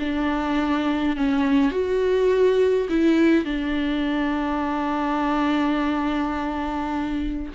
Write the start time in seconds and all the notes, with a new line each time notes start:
0.00 D4
1.17 C#4
1.72 F#4
2.89 E4
3.45 D4